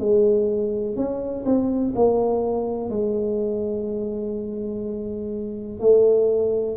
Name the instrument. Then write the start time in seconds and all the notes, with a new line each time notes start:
tuba
0.00 G#3
0.97 C#4
1.46 C4
1.96 A#3
2.90 G#3
5.80 A3